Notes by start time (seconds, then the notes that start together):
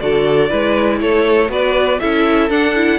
0.00 D3 F#4 A4 D5
0.49 G#3 E4 B4
1.00 A3 A4 C#5
1.48 B3 F#4 B4 D5
1.99 C#4 E4 A4 E5
2.49 D4 F#5
2.75 E4